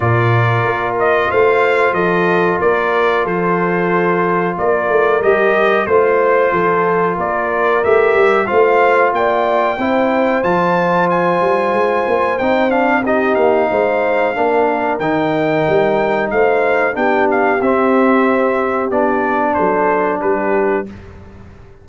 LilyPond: <<
  \new Staff \with { instrumentName = "trumpet" } { \time 4/4 \tempo 4 = 92 d''4. dis''8 f''4 dis''4 | d''4 c''2 d''4 | dis''4 c''2 d''4 | e''4 f''4 g''2 |
a''4 gis''2 g''8 f''8 | dis''8 f''2~ f''8 g''4~ | g''4 f''4 g''8 f''8 e''4~ | e''4 d''4 c''4 b'4 | }
  \new Staff \with { instrumentName = "horn" } { \time 4/4 ais'2 c''4 a'4 | ais'4 a'2 ais'4~ | ais'4 c''4 a'4 ais'4~ | ais'4 c''4 d''4 c''4~ |
c''1 | g'4 c''4 ais'2~ | ais'4 c''4 g'2~ | g'2 a'4 g'4 | }
  \new Staff \with { instrumentName = "trombone" } { \time 4/4 f'1~ | f'1 | g'4 f'2. | g'4 f'2 e'4 |
f'2. dis'8 d'8 | dis'2 d'4 dis'4~ | dis'2 d'4 c'4~ | c'4 d'2. | }
  \new Staff \with { instrumentName = "tuba" } { \time 4/4 ais,4 ais4 a4 f4 | ais4 f2 ais8 a8 | g4 a4 f4 ais4 | a8 g8 a4 ais4 c'4 |
f4. g8 gis8 ais8 c'4~ | c'8 ais8 gis4 ais4 dis4 | g4 a4 b4 c'4~ | c'4 b4 fis4 g4 | }
>>